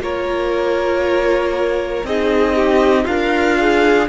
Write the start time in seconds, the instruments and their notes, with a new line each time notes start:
0.00 cello A#3, viola F4, violin A#4 C#5
2.04 cello C4, viola D#4, violin G#4 D#5
2.56 violin G4
3.05 cello D4, violin F4 F5, viola A#4
3.57 viola G#4